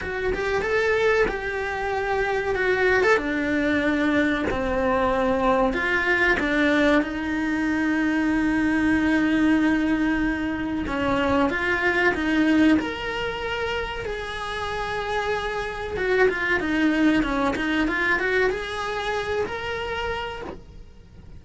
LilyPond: \new Staff \with { instrumentName = "cello" } { \time 4/4 \tempo 4 = 94 fis'8 g'8 a'4 g'2 | fis'8. a'16 d'2 c'4~ | c'4 f'4 d'4 dis'4~ | dis'1~ |
dis'4 cis'4 f'4 dis'4 | ais'2 gis'2~ | gis'4 fis'8 f'8 dis'4 cis'8 dis'8 | f'8 fis'8 gis'4. ais'4. | }